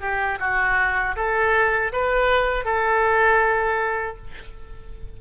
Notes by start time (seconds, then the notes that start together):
0.00 G4
0.39 F#4
1.16 A4
1.92 B4
2.64 A4